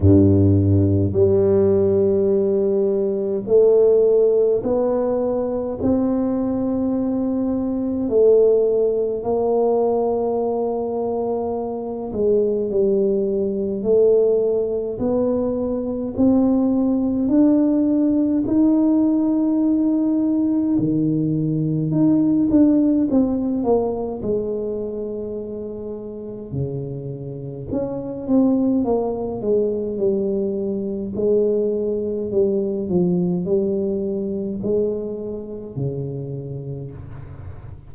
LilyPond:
\new Staff \with { instrumentName = "tuba" } { \time 4/4 \tempo 4 = 52 g,4 g2 a4 | b4 c'2 a4 | ais2~ ais8 gis8 g4 | a4 b4 c'4 d'4 |
dis'2 dis4 dis'8 d'8 | c'8 ais8 gis2 cis4 | cis'8 c'8 ais8 gis8 g4 gis4 | g8 f8 g4 gis4 cis4 | }